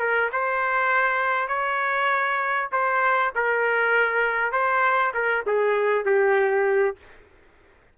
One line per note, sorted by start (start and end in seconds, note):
0.00 0.30 A#4
0.33 1.48 C5
1.48 2.69 C#5
2.72 3.33 C5
3.36 4.52 A#4
4.52 5.13 C5
5.14 5.45 A#4
5.47 6.06 G#4
6.06 6.97 G4